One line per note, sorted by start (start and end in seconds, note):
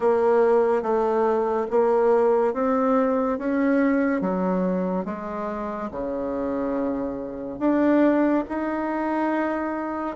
0.00 0.82 A#3
0.82 1.67 A3
1.70 2.54 A#3
2.54 3.38 C4
3.38 4.21 C#4
4.21 5.05 F#3
5.05 5.89 G#3
5.91 7.59 C#3
7.59 8.44 D4
8.48 10.16 D#4